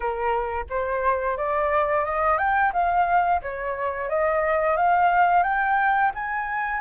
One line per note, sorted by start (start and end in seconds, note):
0.00 0.65 A#4
0.69 1.37 C5
1.37 2.05 D5
2.05 2.38 D#5
2.38 2.72 G5
2.72 3.41 F5
3.42 4.09 C#5
4.09 4.76 D#5
4.76 5.43 F5
5.43 6.11 G5
6.14 6.80 G#5